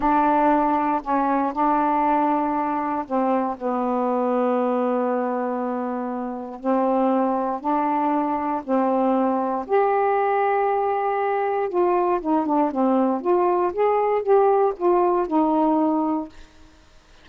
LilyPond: \new Staff \with { instrumentName = "saxophone" } { \time 4/4 \tempo 4 = 118 d'2 cis'4 d'4~ | d'2 c'4 b4~ | b1~ | b4 c'2 d'4~ |
d'4 c'2 g'4~ | g'2. f'4 | dis'8 d'8 c'4 f'4 gis'4 | g'4 f'4 dis'2 | }